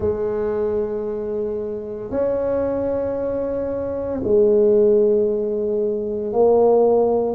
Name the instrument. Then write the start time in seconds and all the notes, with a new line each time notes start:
tuba
0.00 G#3
2.11 C#4
4.23 G#3
6.32 A#3